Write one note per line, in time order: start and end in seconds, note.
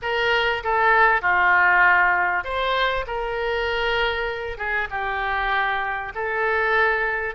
0.02 0.63 A#4
0.63 1.21 A4
1.21 2.44 F4
2.44 3.05 C5
3.06 4.57 A#4
4.57 4.88 G#4
4.90 6.12 G4
6.14 7.34 A4